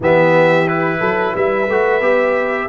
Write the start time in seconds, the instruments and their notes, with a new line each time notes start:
0.00 tuba E3, trombone B3, horn G4, trumpet E5
0.66 trombone E4, trumpet B4
0.99 tuba F#3, horn A4
1.33 tuba G3, horn B4, trumpet E5
1.69 tuba A3, trombone F#4
2.01 tuba B3, trombone G4